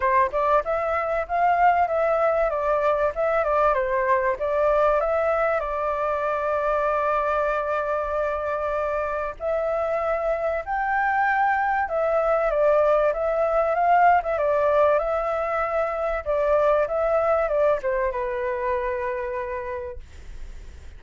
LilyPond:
\new Staff \with { instrumentName = "flute" } { \time 4/4 \tempo 4 = 96 c''8 d''8 e''4 f''4 e''4 | d''4 e''8 d''8 c''4 d''4 | e''4 d''2.~ | d''2. e''4~ |
e''4 g''2 e''4 | d''4 e''4 f''8. e''16 d''4 | e''2 d''4 e''4 | d''8 c''8 b'2. | }